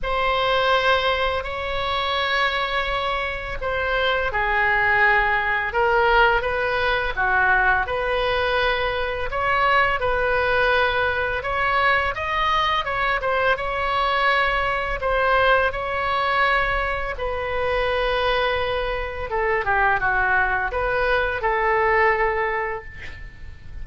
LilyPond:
\new Staff \with { instrumentName = "oboe" } { \time 4/4 \tempo 4 = 84 c''2 cis''2~ | cis''4 c''4 gis'2 | ais'4 b'4 fis'4 b'4~ | b'4 cis''4 b'2 |
cis''4 dis''4 cis''8 c''8 cis''4~ | cis''4 c''4 cis''2 | b'2. a'8 g'8 | fis'4 b'4 a'2 | }